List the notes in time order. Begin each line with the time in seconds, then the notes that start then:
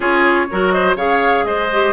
0.00 C#4 F4 G#4 C#5
0.50 F#3 F#4 A#4
0.70 C5 D#5
0.95 C#3 G#4 C#5 F5
1.44 G#3 C5 D#5
1.72 G4